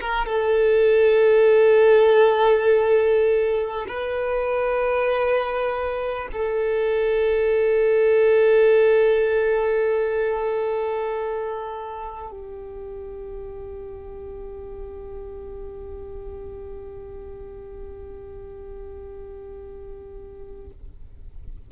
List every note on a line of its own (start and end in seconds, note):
0.00 0.26 A#4
0.26 3.86 A4
3.87 6.27 B4
6.32 12.31 A4
12.31 20.71 G4